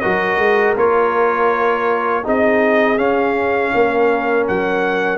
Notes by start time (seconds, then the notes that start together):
0.00 F#3 F#4 A#4 D#5
0.38 G#3
0.76 A#3 F4 C#5
2.23 C4 D#4 G#4 D#5
2.97 C#4 F5
3.74 A#3 A#4
4.48 F#3 F#5